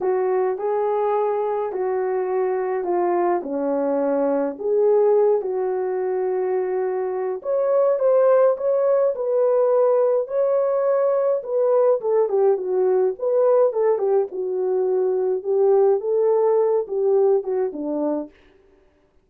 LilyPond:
\new Staff \with { instrumentName = "horn" } { \time 4/4 \tempo 4 = 105 fis'4 gis'2 fis'4~ | fis'4 f'4 cis'2 | gis'4. fis'2~ fis'8~ | fis'4 cis''4 c''4 cis''4 |
b'2 cis''2 | b'4 a'8 g'8 fis'4 b'4 | a'8 g'8 fis'2 g'4 | a'4. g'4 fis'8 d'4 | }